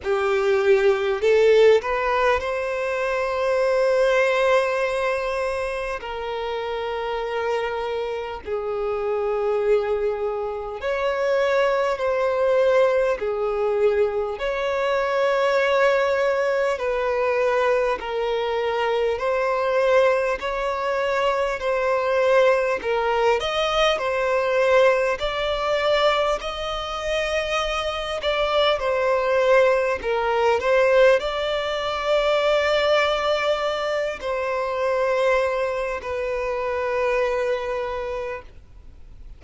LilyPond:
\new Staff \with { instrumentName = "violin" } { \time 4/4 \tempo 4 = 50 g'4 a'8 b'8 c''2~ | c''4 ais'2 gis'4~ | gis'4 cis''4 c''4 gis'4 | cis''2 b'4 ais'4 |
c''4 cis''4 c''4 ais'8 dis''8 | c''4 d''4 dis''4. d''8 | c''4 ais'8 c''8 d''2~ | d''8 c''4. b'2 | }